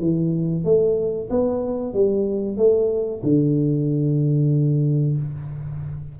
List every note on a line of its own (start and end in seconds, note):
0.00 0.65 E3
0.65 1.29 A3
1.30 1.94 B3
1.94 2.58 G3
2.58 3.22 A3
3.23 5.17 D3